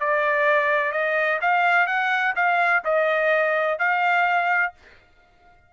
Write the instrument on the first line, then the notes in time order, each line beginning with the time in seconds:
trumpet
0.00 D5
0.92 D#5
1.41 F5
1.87 F#5
2.36 F5
2.84 D#5
3.79 F5